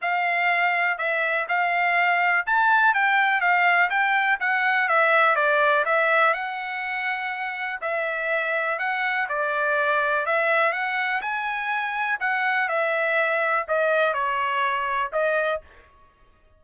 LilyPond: \new Staff \with { instrumentName = "trumpet" } { \time 4/4 \tempo 4 = 123 f''2 e''4 f''4~ | f''4 a''4 g''4 f''4 | g''4 fis''4 e''4 d''4 | e''4 fis''2. |
e''2 fis''4 d''4~ | d''4 e''4 fis''4 gis''4~ | gis''4 fis''4 e''2 | dis''4 cis''2 dis''4 | }